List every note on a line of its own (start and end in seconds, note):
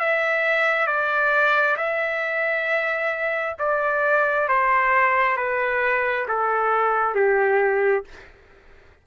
0.00 0.87 E5
0.87 1.77 D5
1.77 3.56 E5
3.59 4.49 D5
4.49 5.37 C5
5.37 6.26 B4
6.28 7.15 A4
7.15 8.04 G4